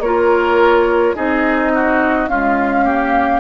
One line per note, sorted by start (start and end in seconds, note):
0.00 1.13 A#3
0.00 1.15 F4
0.00 1.15 A#4
0.00 1.15 C#5
1.15 2.27 C4
1.15 2.28 D#4
1.15 1.72 G#4
1.15 2.28 D#5
1.74 2.29 F#4
2.27 2.86 G#3
2.27 3.40 C#4
2.27 2.84 F4
2.27 3.40 F5
2.84 3.40 A#3
2.84 3.40 G4